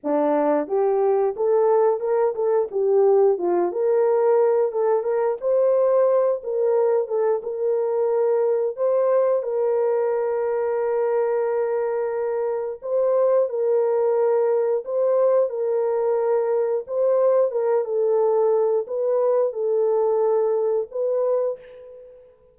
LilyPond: \new Staff \with { instrumentName = "horn" } { \time 4/4 \tempo 4 = 89 d'4 g'4 a'4 ais'8 a'8 | g'4 f'8 ais'4. a'8 ais'8 | c''4. ais'4 a'8 ais'4~ | ais'4 c''4 ais'2~ |
ais'2. c''4 | ais'2 c''4 ais'4~ | ais'4 c''4 ais'8 a'4. | b'4 a'2 b'4 | }